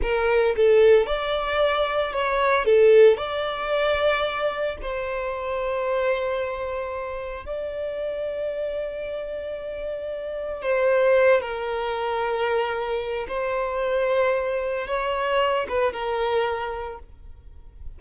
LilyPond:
\new Staff \with { instrumentName = "violin" } { \time 4/4 \tempo 4 = 113 ais'4 a'4 d''2 | cis''4 a'4 d''2~ | d''4 c''2.~ | c''2 d''2~ |
d''1 | c''4. ais'2~ ais'8~ | ais'4 c''2. | cis''4. b'8 ais'2 | }